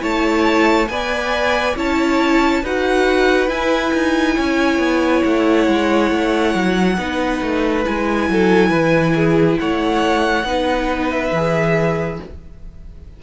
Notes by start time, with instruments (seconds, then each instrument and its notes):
0.00 cello A3, viola E4, violin C#5 A5
0.88 cello B3, viola B4, violin D5 G#5
1.76 cello C#4, viola E4, violin C#5 A5
2.63 cello D#4, viola F#4, violin B4 F#5
3.48 viola E4, cello E4, violin G#5
3.93 cello D#4
4.35 cello C#4, violin C#5
4.78 cello B3
5.24 cello A3, violin F#5
5.67 cello G#3
6.11 cello A3
6.55 cello F#3
6.97 cello B3, viola D#4, violin B4
7.41 cello A3
7.84 cello G#3, viola E4, violin G#5
8.29 cello F#3, violin A4
8.69 cello E3, violin B4
9.15 violin G#4
9.59 cello A3, violin C#5 F#5
10.43 cello B3, viola D#4, violin B4
11.10 violin E5
11.32 cello E3, viola G#4